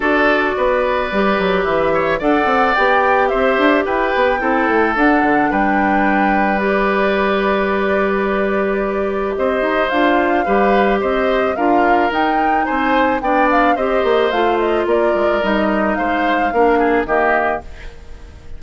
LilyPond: <<
  \new Staff \with { instrumentName = "flute" } { \time 4/4 \tempo 4 = 109 d''2. e''4 | fis''4 g''4 e''4 g''4~ | g''4 fis''4 g''2 | d''1~ |
d''4 dis''4 f''2 | dis''4 f''4 g''4 gis''4 | g''8 f''8 dis''4 f''8 dis''8 d''4 | dis''4 f''2 dis''4 | }
  \new Staff \with { instrumentName = "oboe" } { \time 4/4 a'4 b'2~ b'8 cis''8 | d''2 c''4 b'4 | a'2 b'2~ | b'1~ |
b'4 c''2 b'4 | c''4 ais'2 c''4 | d''4 c''2 ais'4~ | ais'4 c''4 ais'8 gis'8 g'4 | }
  \new Staff \with { instrumentName = "clarinet" } { \time 4/4 fis'2 g'2 | a'4 g'2. | e'4 d'2. | g'1~ |
g'2 f'4 g'4~ | g'4 f'4 dis'2 | d'4 g'4 f'2 | dis'2 d'4 ais4 | }
  \new Staff \with { instrumentName = "bassoon" } { \time 4/4 d'4 b4 g8 fis8 e4 | d'8 c'8 b4 c'8 d'8 e'8 b8 | c'8 a8 d'8 d8 g2~ | g1~ |
g4 c'8 dis'8 d'4 g4 | c'4 d'4 dis'4 c'4 | b4 c'8 ais8 a4 ais8 gis8 | g4 gis4 ais4 dis4 | }
>>